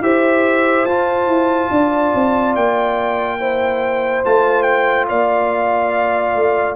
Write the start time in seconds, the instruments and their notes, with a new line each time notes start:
0.00 tuba E4, trombone G4, horn C5, trumpet E5
0.85 tuba F4, trombone F4, trumpet A5
1.26 tuba E4
1.70 tuba D4, horn D5
2.14 tuba C4
2.55 tuba A#3, trumpet G5
3.39 trombone E4, horn C5
4.24 tuba A3, trombone F4, trumpet A5
4.62 trumpet G5
5.07 tuba A#3, horn D5, trumpet F5
6.35 tuba A3